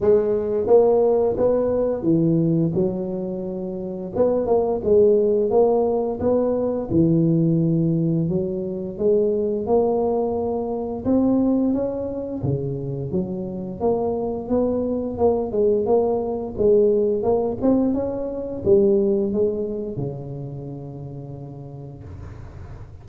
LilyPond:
\new Staff \with { instrumentName = "tuba" } { \time 4/4 \tempo 4 = 87 gis4 ais4 b4 e4 | fis2 b8 ais8 gis4 | ais4 b4 e2 | fis4 gis4 ais2 |
c'4 cis'4 cis4 fis4 | ais4 b4 ais8 gis8 ais4 | gis4 ais8 c'8 cis'4 g4 | gis4 cis2. | }